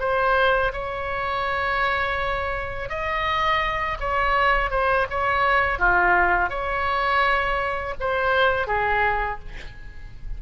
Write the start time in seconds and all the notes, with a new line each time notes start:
0.00 C5
0.73 C#5
2.89 D#5
4.00 C#5
4.71 C5
5.10 C#5
5.79 F4
6.50 C#5
8.00 C5
8.67 G#4